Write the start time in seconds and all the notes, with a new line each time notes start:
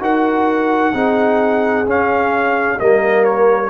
0.00 D#4 F#4 A#4 F#5
0.93 C4 D#4 G#4
1.85 C#4 F5
2.78 G3 A#3 A#4 D#5
3.24 C#5